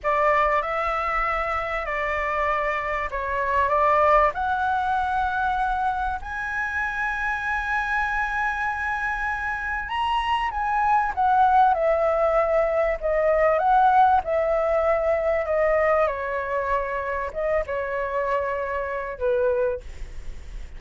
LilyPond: \new Staff \with { instrumentName = "flute" } { \time 4/4 \tempo 4 = 97 d''4 e''2 d''4~ | d''4 cis''4 d''4 fis''4~ | fis''2 gis''2~ | gis''1 |
ais''4 gis''4 fis''4 e''4~ | e''4 dis''4 fis''4 e''4~ | e''4 dis''4 cis''2 | dis''8 cis''2~ cis''8 b'4 | }